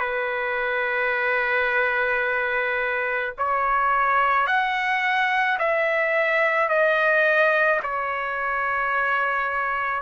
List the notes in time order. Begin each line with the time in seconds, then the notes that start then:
0.00 B4
3.38 C#5
4.47 F#5
5.59 E5
6.69 D#5
7.83 C#5